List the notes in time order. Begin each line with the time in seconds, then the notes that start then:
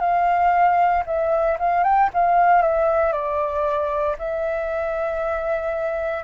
0.00 F5
1.06 E5
1.59 F5
1.83 G5
2.13 F5
2.62 E5
3.12 D5
4.18 E5